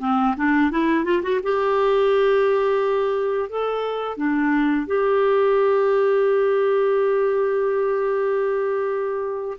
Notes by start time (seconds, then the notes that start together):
0.00 C4
0.36 D4
0.71 E4
1.05 F4
1.23 F#4
1.43 G4
3.49 A4
4.17 D4
4.87 G4